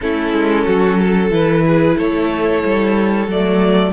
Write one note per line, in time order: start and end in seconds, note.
0.00 0.32 A3
0.00 1.30 C#4
0.00 0.65 E4
0.00 1.32 A4
0.32 0.65 G#3
0.65 1.30 F#3
0.65 0.98 F#4
0.98 1.64 A4
1.30 1.96 E3
1.30 3.28 E4
1.30 1.98 B4
1.66 1.97 G#4
1.97 2.63 A3
1.97 3.93 A4
1.97 3.30 C#5
2.64 3.27 G3
3.27 3.93 F#3
3.27 3.93 A3
3.27 3.93 D5